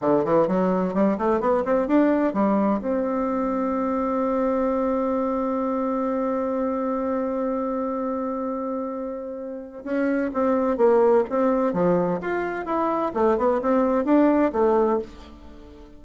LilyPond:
\new Staff \with { instrumentName = "bassoon" } { \time 4/4 \tempo 4 = 128 d8 e8 fis4 g8 a8 b8 c'8 | d'4 g4 c'2~ | c'1~ | c'1~ |
c'1~ | c'4 cis'4 c'4 ais4 | c'4 f4 f'4 e'4 | a8 b8 c'4 d'4 a4 | }